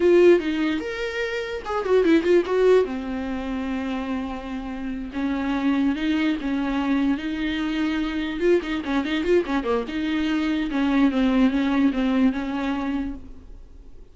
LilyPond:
\new Staff \with { instrumentName = "viola" } { \time 4/4 \tempo 4 = 146 f'4 dis'4 ais'2 | gis'8 fis'8 e'8 f'8 fis'4 c'4~ | c'1~ | c'8 cis'2 dis'4 cis'8~ |
cis'4. dis'2~ dis'8~ | dis'8 f'8 dis'8 cis'8 dis'8 f'8 cis'8 ais8 | dis'2 cis'4 c'4 | cis'4 c'4 cis'2 | }